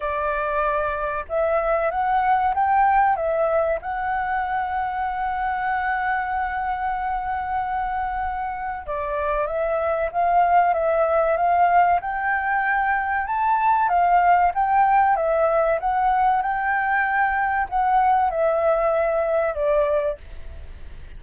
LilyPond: \new Staff \with { instrumentName = "flute" } { \time 4/4 \tempo 4 = 95 d''2 e''4 fis''4 | g''4 e''4 fis''2~ | fis''1~ | fis''2 d''4 e''4 |
f''4 e''4 f''4 g''4~ | g''4 a''4 f''4 g''4 | e''4 fis''4 g''2 | fis''4 e''2 d''4 | }